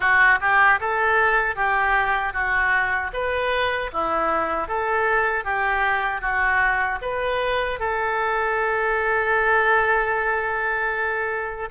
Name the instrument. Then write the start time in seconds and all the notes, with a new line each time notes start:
oboe
0.00 F#4
0.40 G4
0.80 A4
1.55 G4
2.33 F#4
3.13 B4
3.92 E4
4.68 A4
5.44 G4
6.21 F#4
7.01 B4
7.79 A4